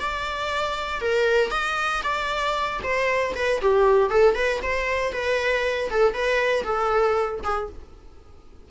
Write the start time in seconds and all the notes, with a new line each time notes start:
0.00 D5
1.01 A#4
1.51 D#5
2.03 D5
2.83 C5
3.35 B4
3.61 G4
4.10 A4
4.34 B4
4.62 C5
5.12 B4
5.90 A4
6.13 B4
6.63 A4
7.43 G#4